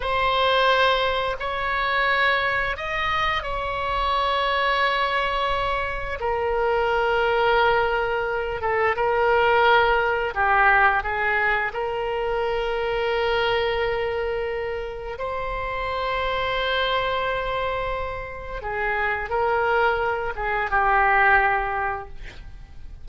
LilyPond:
\new Staff \with { instrumentName = "oboe" } { \time 4/4 \tempo 4 = 87 c''2 cis''2 | dis''4 cis''2.~ | cis''4 ais'2.~ | ais'8 a'8 ais'2 g'4 |
gis'4 ais'2.~ | ais'2 c''2~ | c''2. gis'4 | ais'4. gis'8 g'2 | }